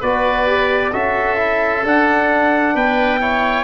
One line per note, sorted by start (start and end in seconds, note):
0.00 0.93 B3
0.00 0.46 F#4
0.00 0.91 B4
0.00 0.93 D5
0.46 0.91 G4
0.93 1.84 C#4
0.93 1.37 F#4
0.93 2.74 A4
0.93 1.84 E5
1.37 1.82 E4
1.83 3.20 D4
1.83 2.75 D4
1.83 2.76 F#5
2.74 3.64 B3
2.74 3.20 B4
2.74 3.64 G5
3.20 3.64 E4
3.20 3.64 C#5